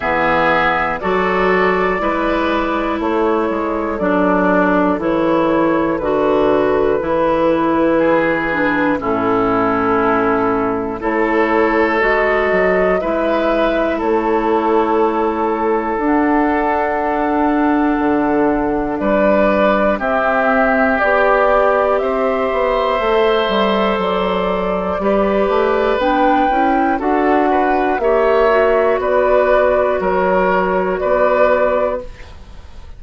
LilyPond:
<<
  \new Staff \with { instrumentName = "flute" } { \time 4/4 \tempo 4 = 60 e''4 d''2 cis''4 | d''4 cis''4 b'2~ | b'4 a'2 cis''4 | dis''4 e''4 cis''2 |
fis''2. d''4 | e''4 d''4 e''2 | d''2 g''4 fis''4 | e''4 d''4 cis''4 d''4 | }
  \new Staff \with { instrumentName = "oboe" } { \time 4/4 gis'4 a'4 b'4 a'4~ | a'1 | gis'4 e'2 a'4~ | a'4 b'4 a'2~ |
a'2. b'4 | g'2 c''2~ | c''4 b'2 a'8 b'8 | cis''4 b'4 ais'4 b'4 | }
  \new Staff \with { instrumentName = "clarinet" } { \time 4/4 b4 fis'4 e'2 | d'4 e'4 fis'4 e'4~ | e'8 d'8 cis'2 e'4 | fis'4 e'2. |
d'1 | c'4 g'2 a'4~ | a'4 g'4 d'8 e'8 fis'4 | g'8 fis'2.~ fis'8 | }
  \new Staff \with { instrumentName = "bassoon" } { \time 4/4 e4 fis4 gis4 a8 gis8 | fis4 e4 d4 e4~ | e4 a,2 a4 | gis8 fis8 gis4 a2 |
d'2 d4 g4 | c'4 b4 c'8 b8 a8 g8 | fis4 g8 a8 b8 cis'8 d'4 | ais4 b4 fis4 b4 | }
>>